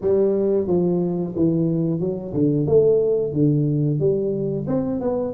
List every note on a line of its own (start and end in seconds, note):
0.01 0.67 G3
0.67 1.33 F3
1.35 1.99 E3
1.99 2.33 F#3
2.33 2.66 D3
2.66 3.32 A3
3.32 3.99 D3
3.99 4.66 G3
4.67 5.00 C4
5.00 5.33 B3